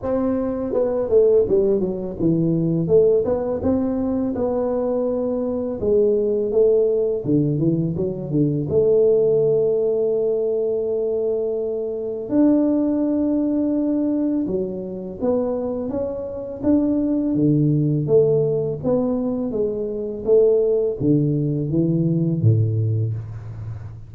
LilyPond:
\new Staff \with { instrumentName = "tuba" } { \time 4/4 \tempo 4 = 83 c'4 b8 a8 g8 fis8 e4 | a8 b8 c'4 b2 | gis4 a4 d8 e8 fis8 d8 | a1~ |
a4 d'2. | fis4 b4 cis'4 d'4 | d4 a4 b4 gis4 | a4 d4 e4 a,4 | }